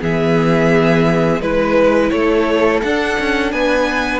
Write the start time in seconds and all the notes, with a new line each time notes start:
0.00 E3 B3 G#4 E5
1.40 G#3 E4 B4
2.10 A3 A4 C#5
2.82 D4 F#5
3.19 C#4
3.51 B3 B4 G#5